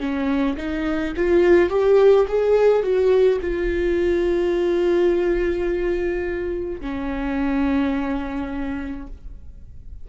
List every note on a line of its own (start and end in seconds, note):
0.00 0.57 C#4
0.57 1.14 D#4
1.17 1.70 F4
1.70 2.26 G4
2.28 2.83 G#4
2.83 3.40 F#4
3.41 6.81 F4
6.81 9.07 C#4